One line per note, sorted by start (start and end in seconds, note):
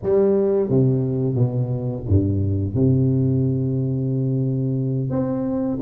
0.02 0.68 G3
0.68 1.35 C3
1.35 2.03 B2
2.08 2.74 G2
2.74 5.10 C3
5.10 5.78 C4